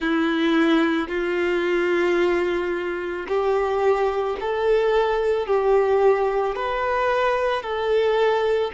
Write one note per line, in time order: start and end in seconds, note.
0.00 1.08 E4
1.08 3.26 F4
3.27 4.36 G4
4.40 5.46 A4
5.46 6.55 G4
6.55 7.62 B4
7.62 8.71 A4